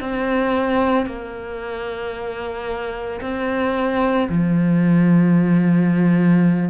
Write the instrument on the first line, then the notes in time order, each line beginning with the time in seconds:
cello
0.00 C4
1.06 A#3
3.21 C4
4.29 F3